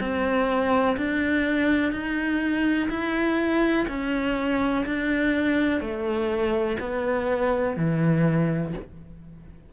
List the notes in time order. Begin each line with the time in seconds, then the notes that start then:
0.00 C4
0.97 D4
1.92 D#4
2.90 E4
3.88 C#4
4.86 D4
5.80 A3
6.80 B3
7.76 E3